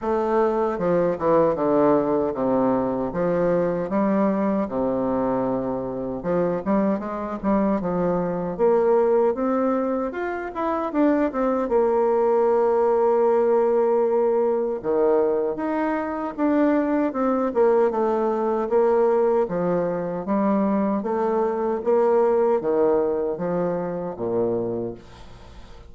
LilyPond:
\new Staff \with { instrumentName = "bassoon" } { \time 4/4 \tempo 4 = 77 a4 f8 e8 d4 c4 | f4 g4 c2 | f8 g8 gis8 g8 f4 ais4 | c'4 f'8 e'8 d'8 c'8 ais4~ |
ais2. dis4 | dis'4 d'4 c'8 ais8 a4 | ais4 f4 g4 a4 | ais4 dis4 f4 ais,4 | }